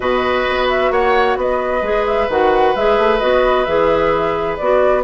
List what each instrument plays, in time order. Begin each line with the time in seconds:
0.00 bassoon B2, clarinet F#4, oboe B4, flute D#5
0.49 bassoon B3
0.69 flute E5
0.90 bassoon A#3, oboe C#5, flute F#5
1.36 bassoon B3, oboe B4, flute D#5
1.81 bassoon G#3, clarinet G#4
2.06 flute E5
2.28 bassoon D#3, clarinet F#4, flute F#5
2.75 bassoon G#3, clarinet G#4, flute E5
2.98 bassoon A3
3.19 bassoon B3, clarinet F#4, flute D#5
3.64 bassoon E3, clarinet G#4, flute E5
4.57 bassoon B3, clarinet F#4, flute D5